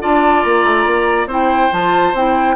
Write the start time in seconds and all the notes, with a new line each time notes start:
0.00 D4 F4 D5 A5
0.43 A#3 A#5
0.64 A3
0.85 A#3
1.26 C4 E4 C5
1.32 G5
1.71 F3 F4 A5
2.13 C4 E4 G5